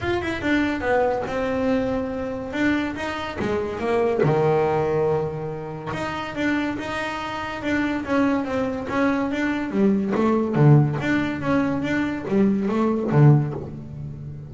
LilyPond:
\new Staff \with { instrumentName = "double bass" } { \time 4/4 \tempo 4 = 142 f'8 e'8 d'4 b4 c'4~ | c'2 d'4 dis'4 | gis4 ais4 dis2~ | dis2 dis'4 d'4 |
dis'2 d'4 cis'4 | c'4 cis'4 d'4 g4 | a4 d4 d'4 cis'4 | d'4 g4 a4 d4 | }